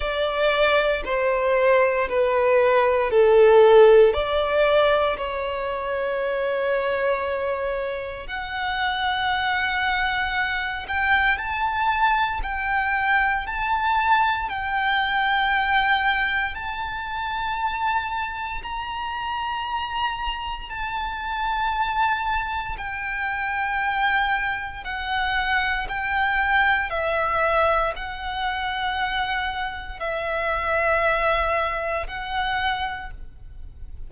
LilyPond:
\new Staff \with { instrumentName = "violin" } { \time 4/4 \tempo 4 = 58 d''4 c''4 b'4 a'4 | d''4 cis''2. | fis''2~ fis''8 g''8 a''4 | g''4 a''4 g''2 |
a''2 ais''2 | a''2 g''2 | fis''4 g''4 e''4 fis''4~ | fis''4 e''2 fis''4 | }